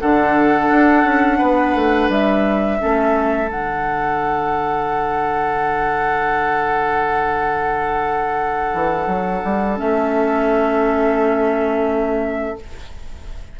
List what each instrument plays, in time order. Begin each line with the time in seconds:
0.00 bassoon D3, clarinet D4, oboe A4, flute F#5
0.70 bassoon D4
1.04 bassoon C#4
1.38 bassoon B3, oboe B4
1.75 bassoon A3
2.09 bassoon G3, flute E5
2.79 bassoon A3, clarinet C#4, oboe A4
3.48 bassoon D3, clarinet D4, flute F#5
8.74 bassoon E3
9.06 bassoon F#3
9.44 bassoon G3
9.76 bassoon A3, clarinet C#4, flute E5